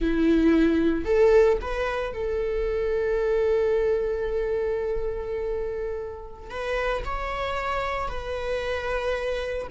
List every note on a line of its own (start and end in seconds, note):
0.00 1.05 E4
1.05 1.58 A4
1.61 2.13 B4
2.13 6.50 A4
6.50 7.03 B4
7.05 8.08 C#5
8.08 9.67 B4